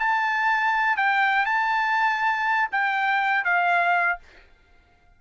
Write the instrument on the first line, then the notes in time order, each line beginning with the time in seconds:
trumpet
0.00 A5
0.97 G5
1.46 A5
2.72 G5
3.45 F5